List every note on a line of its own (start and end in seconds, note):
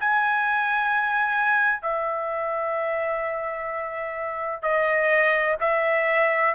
0.00 1.82 G#5
1.82 4.62 E5
4.62 5.56 D#5
5.61 6.55 E5